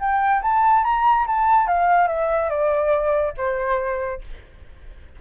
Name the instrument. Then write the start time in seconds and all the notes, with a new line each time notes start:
flute
0.00 G5
0.42 A5
0.84 A#5
1.27 A5
1.68 F5
2.08 E5
2.50 D5
3.38 C5